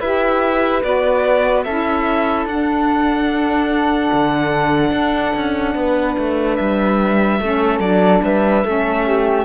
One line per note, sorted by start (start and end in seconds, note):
0.00 0.83 E4
0.00 0.83 G4
0.00 1.64 B4
0.00 0.83 E5
0.83 1.66 B3
0.83 1.65 F#4
0.83 1.64 D5
1.64 2.46 C#4
1.64 2.48 E4
1.64 5.76 A4
1.64 2.46 E5
2.46 4.10 D4
2.46 7.41 D4
2.46 6.56 F#5
4.12 4.92 D3
4.92 5.33 D4
5.36 5.75 C#4
5.75 6.16 B3
5.75 7.40 B4
6.18 6.59 A3
6.56 7.40 G3
6.56 7.79 E5
7.40 7.79 A3
7.40 7.83 C#4
7.40 8.23 A4
7.79 8.21 F#3
7.79 8.65 D4
7.79 8.21 D5
8.23 8.64 G3
8.23 8.65 B4
8.23 9.45 E5
8.65 9.45 A3
8.65 9.45 C#4
8.65 9.06 A4
9.07 9.45 G4